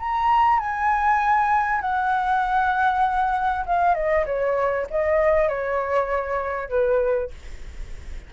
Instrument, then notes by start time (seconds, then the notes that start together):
flute
0.00 A#5
0.60 G#5
1.82 F#5
3.67 F5
3.95 D#5
4.26 C#5
4.91 D#5
5.49 C#5
6.70 B4